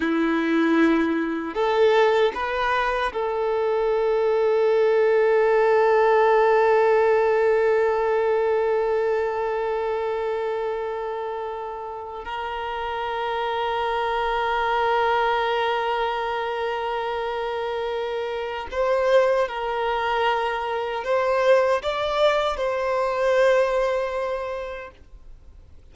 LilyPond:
\new Staff \with { instrumentName = "violin" } { \time 4/4 \tempo 4 = 77 e'2 a'4 b'4 | a'1~ | a'1~ | a'2.~ a'8. ais'16~ |
ais'1~ | ais'1 | c''4 ais'2 c''4 | d''4 c''2. | }